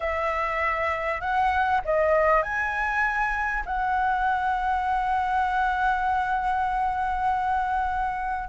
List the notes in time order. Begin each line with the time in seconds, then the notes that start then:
0.00 E5
1.20 F#5
1.84 D#5
2.42 G#5
3.65 F#5